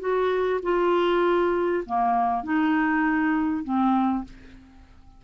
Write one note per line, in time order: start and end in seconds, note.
0.00 0.61 F#4
0.63 1.84 F4
1.86 2.44 A#3
2.44 3.64 D#4
3.64 4.25 C4